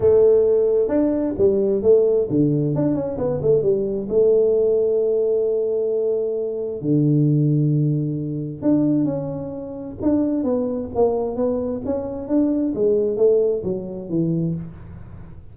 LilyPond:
\new Staff \with { instrumentName = "tuba" } { \time 4/4 \tempo 4 = 132 a2 d'4 g4 | a4 d4 d'8 cis'8 b8 a8 | g4 a2.~ | a2. d4~ |
d2. d'4 | cis'2 d'4 b4 | ais4 b4 cis'4 d'4 | gis4 a4 fis4 e4 | }